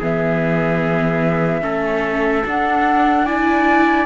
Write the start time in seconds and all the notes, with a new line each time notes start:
0.00 E3 B3 G#4 E5
1.61 A3 C#4 A4
2.45 D4 F#5
3.25 E4 D5 G#5